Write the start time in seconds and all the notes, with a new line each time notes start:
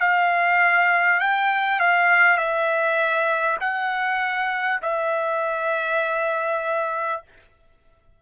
0.00 F5
1.20 G5
1.79 F5
2.37 E5
3.60 F#5
4.82 E5